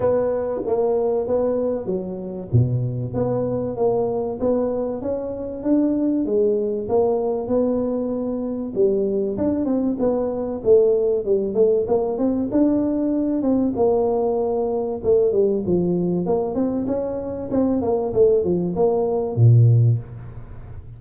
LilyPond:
\new Staff \with { instrumentName = "tuba" } { \time 4/4 \tempo 4 = 96 b4 ais4 b4 fis4 | b,4 b4 ais4 b4 | cis'4 d'4 gis4 ais4 | b2 g4 d'8 c'8 |
b4 a4 g8 a8 ais8 c'8 | d'4. c'8 ais2 | a8 g8 f4 ais8 c'8 cis'4 | c'8 ais8 a8 f8 ais4 ais,4 | }